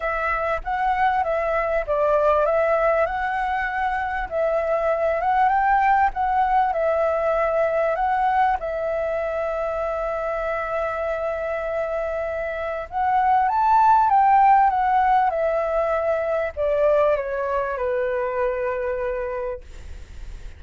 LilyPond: \new Staff \with { instrumentName = "flute" } { \time 4/4 \tempo 4 = 98 e''4 fis''4 e''4 d''4 | e''4 fis''2 e''4~ | e''8 fis''8 g''4 fis''4 e''4~ | e''4 fis''4 e''2~ |
e''1~ | e''4 fis''4 a''4 g''4 | fis''4 e''2 d''4 | cis''4 b'2. | }